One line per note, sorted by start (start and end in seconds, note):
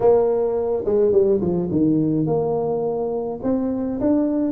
0.00 0.84 A#3
0.85 1.12 G#3
1.12 1.40 G3
1.40 1.69 F3
1.71 2.26 D#3
2.26 3.39 A#3
3.42 3.99 C4
4.00 4.51 D4